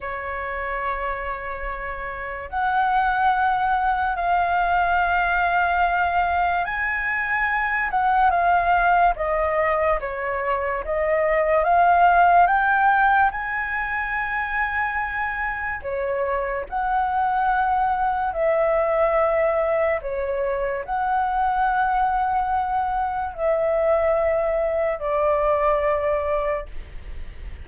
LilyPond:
\new Staff \with { instrumentName = "flute" } { \time 4/4 \tempo 4 = 72 cis''2. fis''4~ | fis''4 f''2. | gis''4. fis''8 f''4 dis''4 | cis''4 dis''4 f''4 g''4 |
gis''2. cis''4 | fis''2 e''2 | cis''4 fis''2. | e''2 d''2 | }